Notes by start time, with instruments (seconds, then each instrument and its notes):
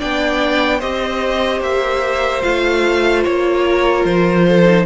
0.00 cello B3, viola D4, violin D5 G5
0.79 cello C4, viola G4, violin C5 D#5
1.61 cello A#3, violin E5
2.42 cello A3, viola F4, violin F5
3.24 cello A#3, violin C#5
3.66 violin A#4
4.05 cello F3, violin C5
4.49 violin A4
4.66 viola D#4